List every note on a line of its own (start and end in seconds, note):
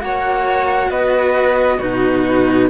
0.00 0.91 A#3
0.00 1.79 F#4
0.00 0.90 C#5
0.00 0.91 F#5
0.90 1.80 B3
0.90 1.78 B4
0.90 1.80 D#5
1.78 2.70 B2
1.78 2.70 D#4
1.78 2.68 F#4
1.78 2.69 B4